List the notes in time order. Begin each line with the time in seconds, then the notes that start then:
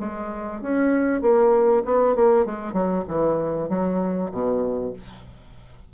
0.00 G#3
0.62 C#4
1.22 A#3
1.85 B3
2.16 A#3
2.46 G#3
2.73 F#3
3.08 E3
3.69 F#3
4.32 B2